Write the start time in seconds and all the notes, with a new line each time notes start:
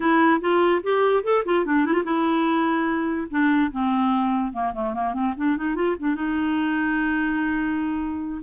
0.00 E4
0.40 F4
0.83 G4
1.23 A4
1.45 F4
1.65 D4
1.85 E4
1.93 F4
2.04 E4
3.30 D4
3.71 C4
4.52 A#3
4.73 A3
4.94 A#3
5.13 C4
5.36 D4
5.56 D#4
5.75 F4
5.99 D4
6.15 D#4